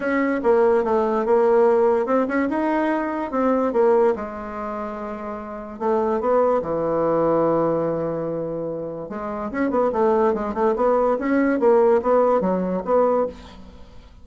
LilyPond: \new Staff \with { instrumentName = "bassoon" } { \time 4/4 \tempo 4 = 145 cis'4 ais4 a4 ais4~ | ais4 c'8 cis'8 dis'2 | c'4 ais4 gis2~ | gis2 a4 b4 |
e1~ | e2 gis4 cis'8 b8 | a4 gis8 a8 b4 cis'4 | ais4 b4 fis4 b4 | }